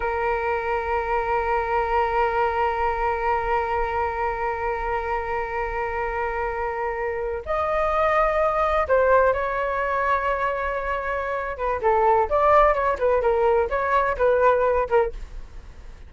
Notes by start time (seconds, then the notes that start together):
0.00 A#4
7.45 D#5
8.88 C5
9.33 C#5
11.57 B4
11.81 A4
12.29 D5
12.74 C#5
12.98 B4
13.21 A#4
13.69 C#5
14.17 B4
14.89 A#4